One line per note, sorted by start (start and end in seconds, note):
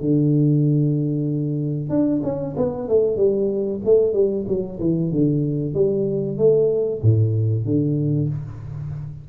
0.00 1.89 D3
1.89 2.21 D4
2.23 2.55 C#4
2.56 2.88 B3
2.88 3.16 A3
3.16 3.80 G3
3.84 4.13 A3
4.13 4.45 G3
4.47 4.79 F#3
4.79 5.11 E3
5.12 5.74 D3
5.74 6.37 G3
6.37 7.01 A3
7.02 7.65 A2
7.65 8.29 D3